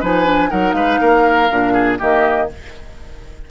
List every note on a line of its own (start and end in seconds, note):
0.00 0.51 F3
0.00 0.24 D#4
0.00 0.49 B4
0.00 0.50 G#5
0.24 0.49 D4
0.49 0.73 F#3
0.49 1.47 D#4
0.49 0.75 A#4
0.49 0.72 F#5
0.72 0.97 G#3
0.72 1.00 B4
0.72 1.95 F5
1.00 1.50 A#3
1.00 1.73 A#4
1.50 2.00 A#2
1.50 1.99 D4
1.73 1.98 G#4
1.98 2.50 D#3
1.98 2.48 A#3
1.98 2.47 G4
1.98 2.49 D#5